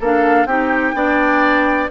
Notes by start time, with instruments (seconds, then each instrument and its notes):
0.00 bassoon A#3, clarinet D4, oboe A4, flute F5
0.46 bassoon C4, clarinet D#4, oboe G4, flute G5
0.94 bassoon B3, clarinet D4, oboe D5